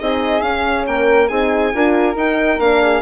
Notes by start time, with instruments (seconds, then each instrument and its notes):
0.00 bassoon C4, horn D#4, flute G#4, violin D#5
0.42 bassoon C#4, horn C#4, violin F5
0.87 bassoon A#3, flute A#4, violin G5
1.28 bassoon C4, horn D#4, flute G#4, violin G#5
1.73 bassoon D4, horn F4, flute A#4
2.15 bassoon D#4, horn D#4, violin G5
2.60 bassoon A#3, horn D4, violin F5
2.82 flute G#4